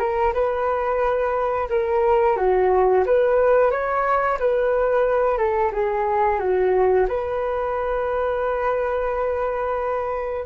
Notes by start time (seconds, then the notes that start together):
0.00 A#4
0.34 B4
1.70 A#4
2.37 F#4
3.06 B4
3.71 C#5
4.40 B4
5.38 A4
5.73 G#4
6.40 F#4
7.09 B4